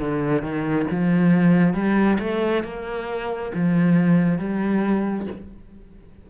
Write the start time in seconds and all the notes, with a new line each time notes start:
0.00 D3
0.43 D#3
0.91 F3
1.74 G3
2.19 A3
2.64 A#3
3.55 F3
4.39 G3